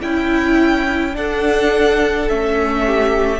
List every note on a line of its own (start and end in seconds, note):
0.00 1.16 C#4
0.00 1.12 E4
0.00 1.15 E4
0.00 1.15 G5
1.12 2.25 D4
1.12 2.29 D4
1.12 2.85 A4
1.12 2.29 F#5
2.29 3.40 A3
2.29 3.40 C#4
2.29 3.40 E5
2.85 3.40 G4